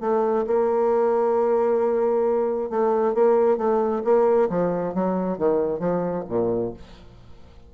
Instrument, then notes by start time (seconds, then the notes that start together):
bassoon
0.00 A3
0.47 A#3
2.70 A3
3.14 A#3
3.58 A3
4.04 A#3
4.49 F3
4.94 F#3
5.38 D#3
5.79 F3
6.29 A#2